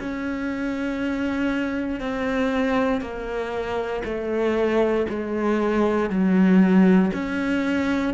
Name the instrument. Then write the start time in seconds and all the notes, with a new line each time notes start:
cello
0.00 C#4
2.00 C4
3.01 A#3
4.04 A3
5.09 G#3
6.10 F#3
7.13 C#4